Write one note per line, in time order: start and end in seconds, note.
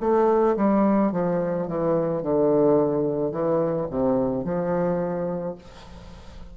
0.00 0.56 A3
0.56 1.12 G3
1.12 1.67 F3
1.67 2.22 E3
2.22 3.32 D3
3.32 3.87 E3
3.90 4.44 C3
4.44 5.55 F3